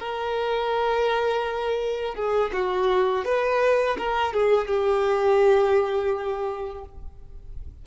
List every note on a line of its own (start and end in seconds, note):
0.00 2.15 A#4
2.15 2.51 G#4
2.53 3.25 F#4
3.25 3.97 B4
3.98 4.34 A#4
4.34 4.68 G#4
4.68 6.85 G4